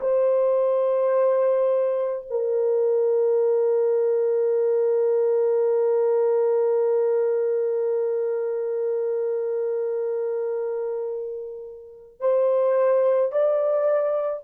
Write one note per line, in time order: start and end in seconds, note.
0.00 2.26 C5
2.30 12.20 A#4
12.20 13.32 C5
13.32 14.43 D5